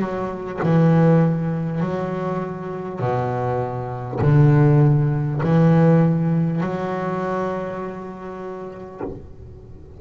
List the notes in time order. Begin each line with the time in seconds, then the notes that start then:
0.00 F#3
0.63 E3
1.81 F#3
3.00 B2
4.22 D3
5.43 E3
6.61 F#3